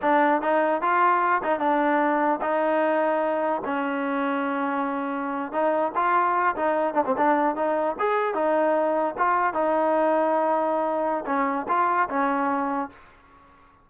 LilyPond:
\new Staff \with { instrumentName = "trombone" } { \time 4/4 \tempo 4 = 149 d'4 dis'4 f'4. dis'8 | d'2 dis'2~ | dis'4 cis'2.~ | cis'4.~ cis'16 dis'4 f'4~ f'16~ |
f'16 dis'4 d'16 c'16 d'4 dis'4 gis'16~ | gis'8. dis'2 f'4 dis'16~ | dis'1 | cis'4 f'4 cis'2 | }